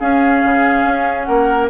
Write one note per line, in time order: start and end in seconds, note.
0.00 1.70 C#4
0.00 0.44 C#4
0.00 1.28 G#4
0.00 1.24 F5
0.45 0.85 C#3
0.85 1.28 C#4
1.24 1.70 A#3
1.24 1.70 A#4
1.24 1.67 F#5